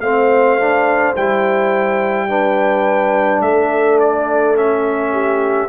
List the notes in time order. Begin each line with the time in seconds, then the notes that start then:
0.00 A3 C4 C5 F5
0.59 D4
1.16 G3 E4 G5
2.29 D4 B4
3.41 A3 A4 E5
4.00 D5
4.55 C#4 E5
5.12 G4